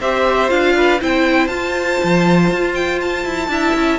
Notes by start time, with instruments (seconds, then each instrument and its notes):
0.00 cello C4, viola G4, violin C5 E5
0.49 cello D4, viola F4, violin F5
0.76 violin B4
1.00 cello C4, viola E4, violin C5 G5
1.47 cello F4, viola F4, violin A5
2.03 cello F3
2.51 cello F4
2.75 violin G5
3.01 violin A5
3.25 cello E4
3.48 cello D4, viola E4, violin E5
3.75 cello C#4